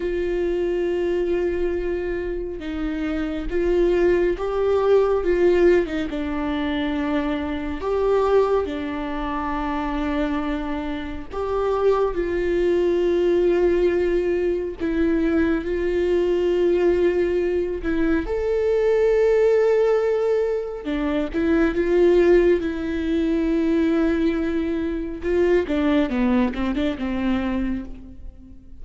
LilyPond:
\new Staff \with { instrumentName = "viola" } { \time 4/4 \tempo 4 = 69 f'2. dis'4 | f'4 g'4 f'8. dis'16 d'4~ | d'4 g'4 d'2~ | d'4 g'4 f'2~ |
f'4 e'4 f'2~ | f'8 e'8 a'2. | d'8 e'8 f'4 e'2~ | e'4 f'8 d'8 b8 c'16 d'16 c'4 | }